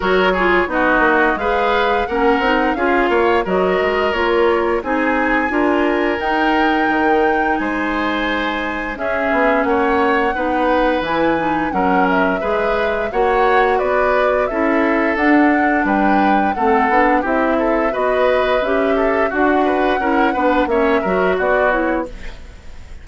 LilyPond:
<<
  \new Staff \with { instrumentName = "flute" } { \time 4/4 \tempo 4 = 87 cis''4 dis''4 f''4 fis''4 | f''4 dis''4 cis''4 gis''4~ | gis''4 g''2 gis''4~ | gis''4 e''4 fis''2 |
gis''4 fis''8 e''4. fis''4 | d''4 e''4 fis''4 g''4 | fis''4 e''4 dis''4 e''4 | fis''2 e''4 d''8 cis''8 | }
  \new Staff \with { instrumentName = "oboe" } { \time 4/4 ais'8 gis'8 fis'4 b'4 ais'4 | gis'8 cis''8 ais'2 gis'4 | ais'2. c''4~ | c''4 gis'4 cis''4 b'4~ |
b'4 ais'4 b'4 cis''4 | b'4 a'2 b'4 | a'4 g'8 a'8 b'4. a'8 | fis'8 b'8 ais'8 b'8 cis''8 ais'8 fis'4 | }
  \new Staff \with { instrumentName = "clarinet" } { \time 4/4 fis'8 f'8 dis'4 gis'4 cis'8 dis'8 | f'4 fis'4 f'4 dis'4 | f'4 dis'2.~ | dis'4 cis'2 dis'4 |
e'8 dis'8 cis'4 gis'4 fis'4~ | fis'4 e'4 d'2 | c'8 d'8 e'4 fis'4 g'4 | fis'4 e'8 d'8 cis'8 fis'4 e'8 | }
  \new Staff \with { instrumentName = "bassoon" } { \time 4/4 fis4 b8 ais8 gis4 ais8 c'8 | cis'8 ais8 fis8 gis8 ais4 c'4 | d'4 dis'4 dis4 gis4~ | gis4 cis'8 b8 ais4 b4 |
e4 fis4 gis4 ais4 | b4 cis'4 d'4 g4 | a8 b8 c'4 b4 cis'4 | d'4 cis'8 b8 ais8 fis8 b4 | }
>>